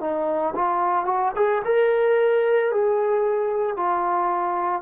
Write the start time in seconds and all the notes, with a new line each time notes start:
0.00 D#4
0.55 F4
1.05 F#4
1.35 G#4
1.65 A#4
2.71 G#4
3.76 F4